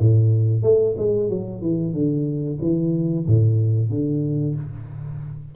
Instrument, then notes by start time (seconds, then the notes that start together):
tuba
0.00 A2
0.63 A3
0.98 G#3
1.30 F#3
1.62 E3
1.94 D3
2.61 E3
3.27 A2
3.90 D3